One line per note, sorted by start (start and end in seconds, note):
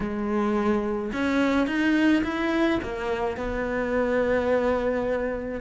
0.00 1.11 G#3
1.12 1.66 C#4
1.66 2.23 D#4
2.23 2.79 E4
2.82 3.36 A#3
3.36 5.60 B3